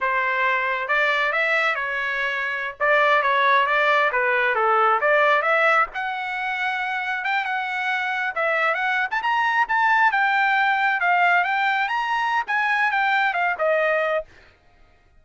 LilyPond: \new Staff \with { instrumentName = "trumpet" } { \time 4/4 \tempo 4 = 135 c''2 d''4 e''4 | cis''2~ cis''16 d''4 cis''8.~ | cis''16 d''4 b'4 a'4 d''8.~ | d''16 e''4 fis''2~ fis''8.~ |
fis''16 g''8 fis''2 e''4 fis''16~ | fis''8 a''16 ais''4 a''4 g''4~ g''16~ | g''8. f''4 g''4 ais''4~ ais''16 | gis''4 g''4 f''8 dis''4. | }